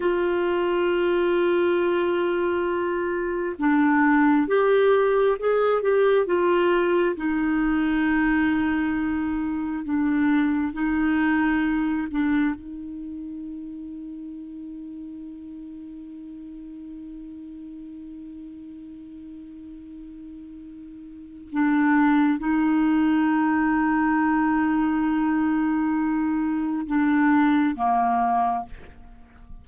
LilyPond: \new Staff \with { instrumentName = "clarinet" } { \time 4/4 \tempo 4 = 67 f'1 | d'4 g'4 gis'8 g'8 f'4 | dis'2. d'4 | dis'4. d'8 dis'2~ |
dis'1~ | dis'1 | d'4 dis'2.~ | dis'2 d'4 ais4 | }